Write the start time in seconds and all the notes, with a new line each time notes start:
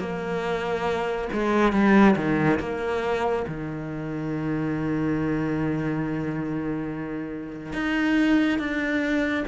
0.00 A#3
1.33 G#3
1.73 G3
2.17 D#3
2.60 A#3
3.48 D#3
7.73 D#4
8.59 D4